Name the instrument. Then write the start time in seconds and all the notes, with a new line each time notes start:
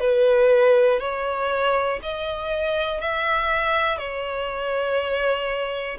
violin
0.00 B4
1.00 C#5
2.03 D#5
3.01 E5
3.98 C#5